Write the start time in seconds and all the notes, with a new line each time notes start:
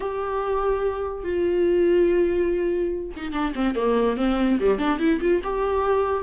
0.00 G4
1.23 F4
3.16 D#4
3.32 D4
3.55 C4
3.75 A#3
4.17 C4
4.59 G3
4.78 D4
4.99 E4
5.20 F4
5.43 G4